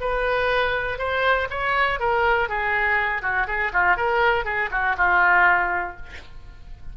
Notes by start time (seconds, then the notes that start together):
0.00 B4
0.98 C5
1.49 C#5
1.99 A#4
2.48 G#4
3.21 F#4
3.47 G#4
3.72 F4
3.96 A#4
4.44 G#4
4.71 F#4
4.97 F4